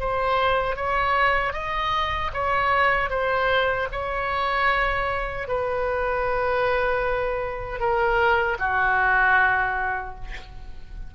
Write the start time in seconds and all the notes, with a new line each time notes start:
0.00 C5
0.76 C#5
1.53 D#5
2.34 C#5
3.10 C5
3.92 C#5
5.48 B4
7.80 A#4
8.59 F#4